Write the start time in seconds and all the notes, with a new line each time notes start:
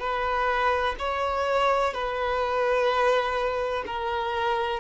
0.00 B4
0.99 C#5
1.94 B4
3.86 A#4